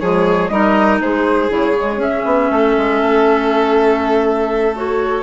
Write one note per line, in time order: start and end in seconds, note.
0.00 0.51 F3
0.00 0.51 G#3
0.00 0.51 G#4
0.00 0.49 C#5
0.49 1.01 G3
0.49 1.49 D#4
0.49 1.02 A#4
0.49 0.99 D#5
1.01 1.51 G#3
1.01 2.51 G#4
1.01 1.52 C5
1.49 1.97 C#3
1.49 1.74 E4
1.49 2.02 C#5
1.77 1.99 G#3
1.97 2.22 C#4
1.97 4.74 C#4
1.97 4.76 E5
2.26 2.51 B3
2.51 2.76 A3
2.51 5.23 A4
2.78 3.02 G#3
3.02 5.23 A3
4.76 5.23 F#4
4.76 5.23 C#5